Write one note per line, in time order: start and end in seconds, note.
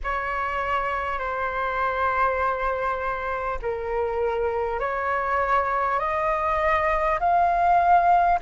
0.03 1.18 C#5
1.18 3.58 C5
3.62 4.79 A#4
4.79 5.99 C#5
5.99 7.19 D#5
7.19 8.39 F5